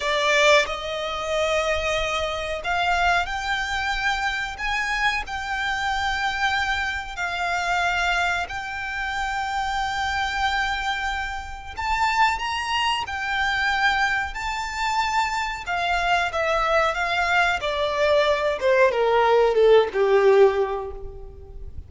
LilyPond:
\new Staff \with { instrumentName = "violin" } { \time 4/4 \tempo 4 = 92 d''4 dis''2. | f''4 g''2 gis''4 | g''2. f''4~ | f''4 g''2.~ |
g''2 a''4 ais''4 | g''2 a''2 | f''4 e''4 f''4 d''4~ | d''8 c''8 ais'4 a'8 g'4. | }